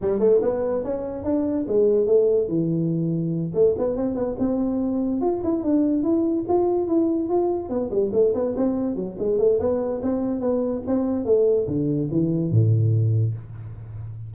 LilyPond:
\new Staff \with { instrumentName = "tuba" } { \time 4/4 \tempo 4 = 144 g8 a8 b4 cis'4 d'4 | gis4 a4 e2~ | e8 a8 b8 c'8 b8 c'4.~ | c'8 f'8 e'8 d'4 e'4 f'8~ |
f'8 e'4 f'4 b8 g8 a8 | b8 c'4 fis8 gis8 a8 b4 | c'4 b4 c'4 a4 | d4 e4 a,2 | }